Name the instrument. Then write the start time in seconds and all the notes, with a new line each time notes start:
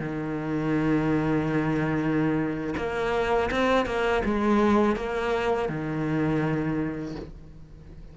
cello
0.00 D#3
2.77 A#3
3.51 C4
3.86 A#3
4.25 G#3
4.97 A#3
5.69 D#3